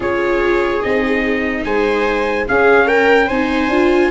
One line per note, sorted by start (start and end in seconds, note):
0.00 0.81 C#4
0.00 0.82 F4
0.00 1.62 G#4
0.00 0.82 C#5
0.82 1.64 C4
0.82 2.47 D#4
0.82 1.64 D#5
1.64 2.46 G#3
1.64 2.47 C5
1.64 2.46 G#5
2.47 3.30 C#4
2.47 3.29 C#4
2.47 2.86 G#4
2.47 2.88 F5
2.86 3.27 A#4
2.86 3.28 G5
3.27 3.68 C4
3.27 3.71 D#4
3.27 4.09 C5
3.27 4.10 G#5
3.68 4.09 D4
3.68 4.10 F4